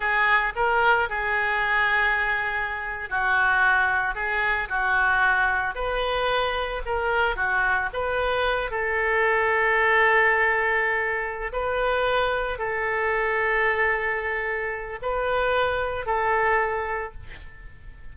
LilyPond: \new Staff \with { instrumentName = "oboe" } { \time 4/4 \tempo 4 = 112 gis'4 ais'4 gis'2~ | gis'4.~ gis'16 fis'2 gis'16~ | gis'8. fis'2 b'4~ b'16~ | b'8. ais'4 fis'4 b'4~ b'16~ |
b'16 a'2.~ a'8.~ | a'4. b'2 a'8~ | a'1 | b'2 a'2 | }